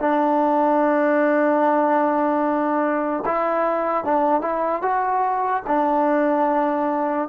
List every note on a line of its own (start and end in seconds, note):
0.00 3.24 D4
3.26 4.05 E4
4.05 4.42 D4
4.42 4.82 E4
4.82 5.63 F#4
5.67 7.29 D4